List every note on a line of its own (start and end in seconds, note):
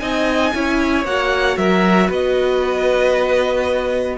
0.00 0.54 C4
0.00 0.53 D#4
0.00 0.54 D#5
0.00 1.04 G#5
0.54 1.05 C#4
0.54 1.06 E4
0.54 1.59 C#5
1.05 1.57 A#3
1.05 4.18 F#4
1.05 1.58 F#5
1.57 2.10 F#3
1.57 2.08 A#4
1.57 2.10 E5
2.08 4.18 B3
2.08 4.17 B4
2.08 4.18 D#5